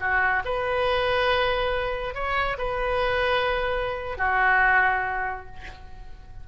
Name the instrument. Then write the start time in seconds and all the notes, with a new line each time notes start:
oboe
0.00 F#4
0.45 B4
2.14 C#5
2.58 B4
4.18 F#4